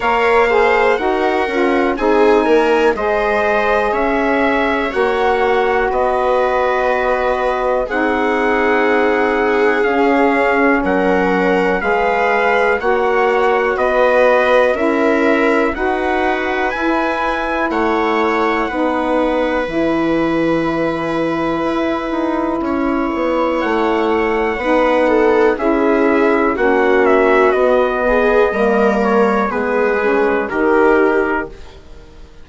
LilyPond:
<<
  \new Staff \with { instrumentName = "trumpet" } { \time 4/4 \tempo 4 = 61 f''4 fis''4 gis''4 dis''4 | e''4 fis''4 dis''2 | fis''2 f''4 fis''4 | f''4 fis''4 dis''4 e''4 |
fis''4 gis''4 fis''2 | gis''1 | fis''2 e''4 fis''8 e''8 | dis''4. cis''8 b'4 ais'4 | }
  \new Staff \with { instrumentName = "viola" } { \time 4/4 cis''8 c''8 ais'4 gis'8 ais'8 c''4 | cis''2 b'2 | gis'2. ais'4 | b'4 cis''4 b'4 ais'4 |
b'2 cis''4 b'4~ | b'2. cis''4~ | cis''4 b'8 a'8 gis'4 fis'4~ | fis'8 gis'8 ais'4 gis'4 g'4 | }
  \new Staff \with { instrumentName = "saxophone" } { \time 4/4 ais'8 gis'8 fis'8 f'8 dis'4 gis'4~ | gis'4 fis'2. | dis'2 cis'2 | gis'4 fis'2 e'4 |
fis'4 e'2 dis'4 | e'1~ | e'4 dis'4 e'4 cis'4 | b4 ais4 b8 cis'8 dis'4 | }
  \new Staff \with { instrumentName = "bassoon" } { \time 4/4 ais4 dis'8 cis'8 c'8 ais8 gis4 | cis'4 ais4 b2 | c'2 cis'4 fis4 | gis4 ais4 b4 cis'4 |
dis'4 e'4 a4 b4 | e2 e'8 dis'8 cis'8 b8 | a4 b4 cis'4 ais4 | b4 g4 gis4 dis4 | }
>>